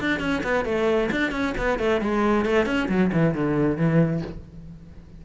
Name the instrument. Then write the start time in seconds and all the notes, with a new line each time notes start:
cello
0.00 D4
0.19 C#4
0.43 B3
0.65 A3
1.11 D4
1.31 C#4
1.58 B3
1.79 A3
2.01 G#3
2.45 A3
2.65 C#4
2.88 F#3
3.12 E3
3.34 D3
3.77 E3